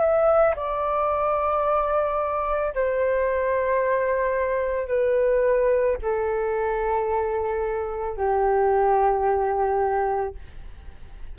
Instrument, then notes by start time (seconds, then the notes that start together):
flute
0.00 E5
0.56 D5
2.74 C5
4.87 B4
6.02 A4
8.17 G4